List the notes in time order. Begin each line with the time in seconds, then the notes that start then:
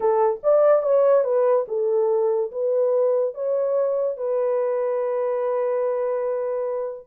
0.00 A4
0.43 D5
0.82 C#5
1.24 B4
1.68 A4
2.51 B4
3.34 C#5
4.17 B4